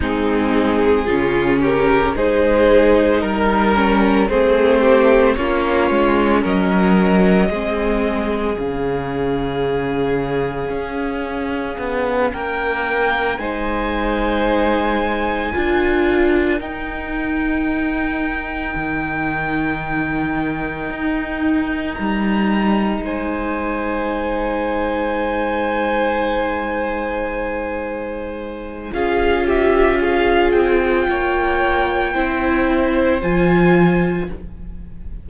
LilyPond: <<
  \new Staff \with { instrumentName = "violin" } { \time 4/4 \tempo 4 = 56 gis'4. ais'8 c''4 ais'4 | c''4 cis''4 dis''2 | f''2.~ f''8 g''8~ | g''8 gis''2. g''8~ |
g''1~ | g''8 ais''4 gis''2~ gis''8~ | gis''2. f''8 e''8 | f''8 g''2~ g''8 gis''4 | }
  \new Staff \with { instrumentName = "violin" } { \time 4/4 dis'4 f'8 g'8 gis'4 ais'4 | gis'8 g'8 f'4 ais'4 gis'4~ | gis'2.~ gis'8 ais'8~ | ais'8 c''2 ais'4.~ |
ais'1~ | ais'4. c''2~ c''8~ | c''2. gis'8 g'8 | gis'4 cis''4 c''2 | }
  \new Staff \with { instrumentName = "viola" } { \time 4/4 c'4 cis'4 dis'4. cis'8 | c'4 cis'2 c'4 | cis'1~ | cis'8 dis'2 f'4 dis'8~ |
dis'1~ | dis'1~ | dis'2. f'4~ | f'2 e'4 f'4 | }
  \new Staff \with { instrumentName = "cello" } { \time 4/4 gis4 cis4 gis4 g4 | a4 ais8 gis8 fis4 gis4 | cis2 cis'4 b8 ais8~ | ais8 gis2 d'4 dis'8~ |
dis'4. dis2 dis'8~ | dis'8 g4 gis2~ gis8~ | gis2. cis'4~ | cis'8 c'8 ais4 c'4 f4 | }
>>